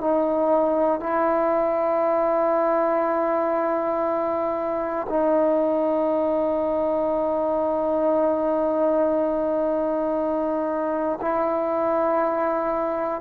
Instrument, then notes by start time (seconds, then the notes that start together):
trombone
0.00 D#4
1.00 E4
5.08 D#4
11.20 E4